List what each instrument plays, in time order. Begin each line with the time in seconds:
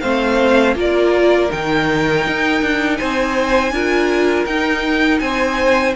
0.00 cello A3, viola C4, violin C5 F5
0.75 cello A#3, viola F4, violin A#4 D5
1.49 cello D#3, viola D#4, violin G5
2.26 cello D#4
2.61 cello D4
2.96 cello C4, violin C5 G#5
3.71 cello D4, viola F4, violin A#4
4.46 cello D#4, viola D#4, violin G5
5.19 cello C4, violin C5 G#5